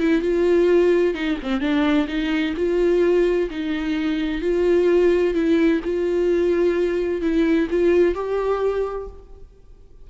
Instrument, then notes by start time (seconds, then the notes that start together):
viola
0.00 E4
0.22 F4
1.15 D#4
1.43 C4
1.61 D4
2.08 D#4
2.57 F4
3.50 D#4
4.42 F4
5.34 E4
5.84 F4
7.22 E4
7.70 F4
8.15 G4